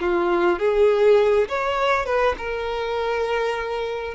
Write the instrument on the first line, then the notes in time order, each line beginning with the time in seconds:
violin
0.00 F4
0.59 G#4
1.48 C#5
2.05 B4
2.37 A#4